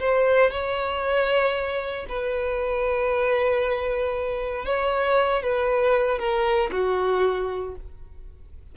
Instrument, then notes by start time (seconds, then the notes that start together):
violin
0.00 C5
0.51 C#5
2.09 B4
4.66 C#5
5.43 B4
6.19 A#4
6.72 F#4